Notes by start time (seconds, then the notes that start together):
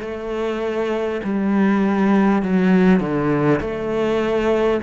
0.00 A3
1.23 G3
2.42 F#3
3.00 D3
3.60 A3